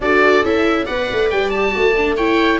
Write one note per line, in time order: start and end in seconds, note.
0.00 0.43 D4
0.00 0.43 F#4
0.00 0.85 A4
0.00 0.44 D5
0.43 0.87 C#4
0.43 0.86 E4
0.43 0.85 E5
0.85 1.10 B3
0.85 1.52 B4
0.85 2.15 D5
0.85 1.29 F#5
1.12 1.32 A3
1.30 1.75 G3
1.30 1.49 G5
1.49 1.70 G4
1.49 2.14 A5
1.70 2.59 A3
1.70 1.92 F#4
1.97 2.18 D4
2.16 2.59 E4
2.16 2.59 C#5
2.16 2.59 G5